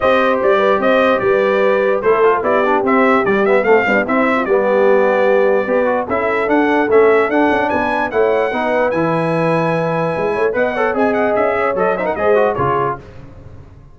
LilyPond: <<
  \new Staff \with { instrumentName = "trumpet" } { \time 4/4 \tempo 4 = 148 dis''4 d''4 dis''4 d''4~ | d''4 c''4 d''4 e''4 | d''8 e''8 f''4 e''4 d''4~ | d''2. e''4 |
fis''4 e''4 fis''4 gis''4 | fis''2 gis''2~ | gis''2 fis''4 gis''8 fis''8 | e''4 dis''8 e''16 fis''16 dis''4 cis''4 | }
  \new Staff \with { instrumentName = "horn" } { \time 4/4 c''4. b'8 c''4 b'4~ | b'4 a'4 g'2~ | g'4 c'8 d'8 e'8. f'16 g'4~ | g'2 b'4 a'4~ |
a'2. b'4 | cis''4 b'2.~ | b'4. cis''8 dis''8 cis''8 dis''4~ | dis''8 cis''4 c''16 ais'16 c''4 gis'4 | }
  \new Staff \with { instrumentName = "trombone" } { \time 4/4 g'1~ | g'4 e'8 f'8 e'8 d'8 c'4 | g8 b8 a8 g8 c'4 b4~ | b2 g'8 fis'8 e'4 |
d'4 cis'4 d'2 | e'4 dis'4 e'2~ | e'2 b'8 a'8 gis'4~ | gis'4 a'8 dis'8 gis'8 fis'8 f'4 | }
  \new Staff \with { instrumentName = "tuba" } { \time 4/4 c'4 g4 c'4 g4~ | g4 a4 b4 c'4 | g4 a8 b8 c'4 g4~ | g2 b4 cis'4 |
d'4 a4 d'8 cis'8 b4 | a4 b4 e2~ | e4 gis8 a8 b4 c'4 | cis'4 fis4 gis4 cis4 | }
>>